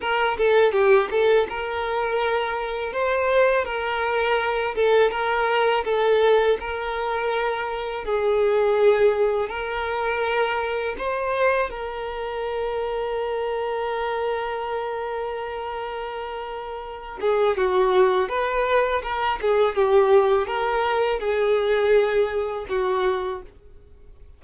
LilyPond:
\new Staff \with { instrumentName = "violin" } { \time 4/4 \tempo 4 = 82 ais'8 a'8 g'8 a'8 ais'2 | c''4 ais'4. a'8 ais'4 | a'4 ais'2 gis'4~ | gis'4 ais'2 c''4 |
ais'1~ | ais'2.~ ais'8 gis'8 | fis'4 b'4 ais'8 gis'8 g'4 | ais'4 gis'2 fis'4 | }